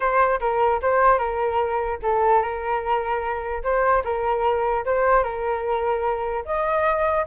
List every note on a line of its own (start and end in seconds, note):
0.00 0.40 C5
0.40 0.80 A#4
0.82 1.18 C5
1.18 1.99 A#4
2.02 2.42 A4
2.42 3.62 A#4
3.63 4.03 C5
4.04 4.84 A#4
4.85 5.23 C5
5.23 6.44 A#4
6.45 7.25 D#5